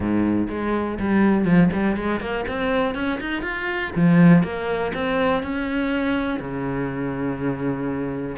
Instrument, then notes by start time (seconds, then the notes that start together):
cello
0.00 G#2
0.49 G#3
0.99 G3
1.45 F3
1.72 G3
1.96 G#3
2.20 A#3
2.48 C4
2.95 C#4
3.20 D#4
3.42 F4
3.95 F3
4.43 A#3
4.94 C4
5.43 C#4
6.39 C#3